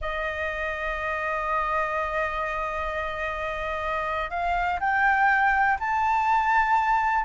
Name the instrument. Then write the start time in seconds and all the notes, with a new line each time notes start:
flute
0.01 D#5
4.30 F5
4.80 G5
5.79 A5